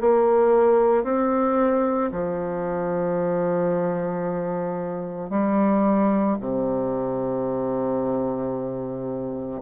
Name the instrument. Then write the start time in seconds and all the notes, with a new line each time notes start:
bassoon
0.00 A#3
1.04 C4
2.11 F3
5.30 G3
6.40 C3